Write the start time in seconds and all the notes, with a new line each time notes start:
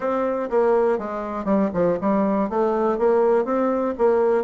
0.00 C4
0.50 A#3
0.98 G#3
1.44 G3
1.73 F3
2.00 G3
2.49 A3
2.98 A#3
3.45 C4
3.97 A#3